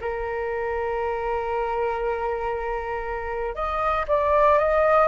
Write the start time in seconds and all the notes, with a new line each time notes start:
0.00 A#4
3.55 D#5
4.07 D5
4.58 D#5